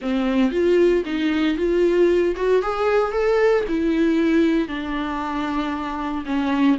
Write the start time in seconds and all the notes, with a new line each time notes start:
0.01 C4
0.51 F4
1.05 D#4
1.57 F4
2.36 F#4
2.61 G#4
3.12 A4
3.68 E4
4.68 D4
6.25 C#4